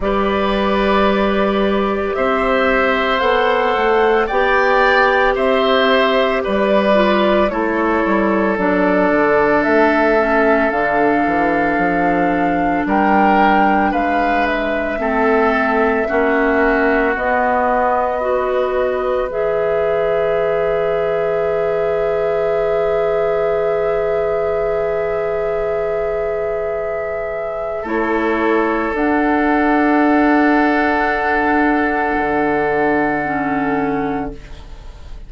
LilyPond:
<<
  \new Staff \with { instrumentName = "flute" } { \time 4/4 \tempo 4 = 56 d''2 e''4 fis''4 | g''4 e''4 d''4 cis''4 | d''4 e''4 f''2 | g''4 f''8 e''2~ e''8 |
dis''2 e''2~ | e''1~ | e''2 cis''4 fis''4~ | fis''1 | }
  \new Staff \with { instrumentName = "oboe" } { \time 4/4 b'2 c''2 | d''4 c''4 b'4 a'4~ | a'1 | ais'4 b'4 a'4 fis'4~ |
fis'4 b'2.~ | b'1~ | b'2 a'2~ | a'1 | }
  \new Staff \with { instrumentName = "clarinet" } { \time 4/4 g'2. a'4 | g'2~ g'8 f'8 e'4 | d'4. cis'8 d'2~ | d'2 c'4 cis'4 |
b4 fis'4 gis'2~ | gis'1~ | gis'2 e'4 d'4~ | d'2. cis'4 | }
  \new Staff \with { instrumentName = "bassoon" } { \time 4/4 g2 c'4 b8 a8 | b4 c'4 g4 a8 g8 | fis8 d8 a4 d8 e8 f4 | g4 gis4 a4 ais4 |
b2 e2~ | e1~ | e2 a4 d'4~ | d'2 d2 | }
>>